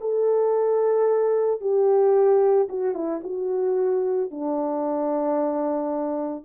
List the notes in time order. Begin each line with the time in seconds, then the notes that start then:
0.00 A4
1.61 G4
2.68 F#4
2.94 E4
3.24 F#4
4.31 D4